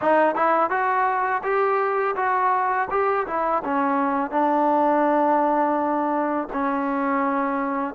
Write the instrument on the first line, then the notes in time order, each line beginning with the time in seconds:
trombone
0.01 D#4
0.35 E4
0.69 F#4
1.43 G4
2.16 F#4
2.90 G4
3.26 E4
3.63 C#4
4.30 D4
6.52 C#4